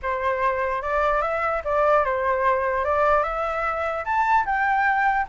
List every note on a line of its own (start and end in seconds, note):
0.02 0.81 C5
0.81 1.21 D5
1.21 1.62 E5
1.64 2.04 D5
2.04 2.84 C5
2.84 3.23 D5
3.23 4.04 E5
4.04 4.45 A5
4.45 5.26 G5